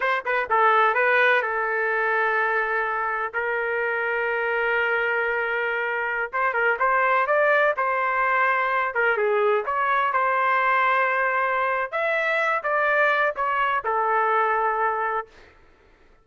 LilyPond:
\new Staff \with { instrumentName = "trumpet" } { \time 4/4 \tempo 4 = 126 c''8 b'8 a'4 b'4 a'4~ | a'2. ais'4~ | ais'1~ | ais'4~ ais'16 c''8 ais'8 c''4 d''8.~ |
d''16 c''2~ c''8 ais'8 gis'8.~ | gis'16 cis''4 c''2~ c''8.~ | c''4 e''4. d''4. | cis''4 a'2. | }